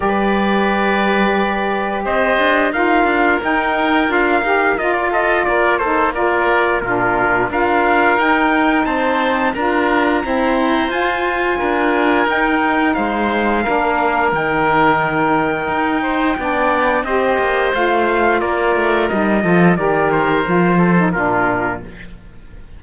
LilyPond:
<<
  \new Staff \with { instrumentName = "trumpet" } { \time 4/4 \tempo 4 = 88 d''2. dis''4 | f''4 g''4 f''4 dis''16 d''16 dis''8 | d''8 c''8 d''4 ais'4 f''4 | g''4 a''4 ais''2 |
gis''2 g''4 f''4~ | f''4 g''2.~ | g''4 dis''4 f''4 d''4 | dis''4 d''8 c''4. ais'4 | }
  \new Staff \with { instrumentName = "oboe" } { \time 4/4 b'2. c''4 | ais'2.~ ais'8 a'8 | ais'8 a'8 ais'4 f'4 ais'4~ | ais'4 c''4 ais'4 c''4~ |
c''4 ais'2 c''4 | ais'2.~ ais'8 c''8 | d''4 c''2 ais'4~ | ais'8 a'8 ais'4. a'8 f'4 | }
  \new Staff \with { instrumentName = "saxophone" } { \time 4/4 g'1 | f'4 dis'4 f'8 g'8 f'4~ | f'8 dis'8 f'4 d'4 f'4 | dis'2 f'4 c'4 |
f'2 dis'2 | d'4 dis'2. | d'4 g'4 f'2 | dis'8 f'8 g'4 f'8. dis'16 d'4 | }
  \new Staff \with { instrumentName = "cello" } { \time 4/4 g2. c'8 d'8 | dis'8 d'8 dis'4 d'8 dis'8 f'4 | ais2 ais,4 d'4 | dis'4 c'4 d'4 e'4 |
f'4 d'4 dis'4 gis4 | ais4 dis2 dis'4 | b4 c'8 ais8 a4 ais8 a8 | g8 f8 dis4 f4 ais,4 | }
>>